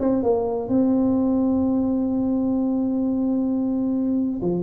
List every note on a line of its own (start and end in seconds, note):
0.00 0.23 C4
0.23 0.69 A#3
0.69 4.41 C4
4.42 4.63 F3